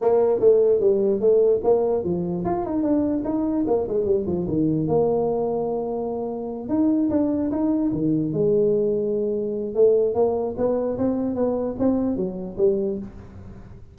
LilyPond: \new Staff \with { instrumentName = "tuba" } { \time 4/4 \tempo 4 = 148 ais4 a4 g4 a4 | ais4 f4 f'8 dis'8 d'4 | dis'4 ais8 gis8 g8 f8 dis4 | ais1~ |
ais8 dis'4 d'4 dis'4 dis8~ | dis8 gis2.~ gis8 | a4 ais4 b4 c'4 | b4 c'4 fis4 g4 | }